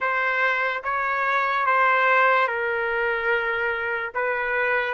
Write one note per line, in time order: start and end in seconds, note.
0.00 0.83 C5
0.83 1.66 C#5
1.66 2.47 C5
2.47 4.12 A#4
4.14 4.94 B4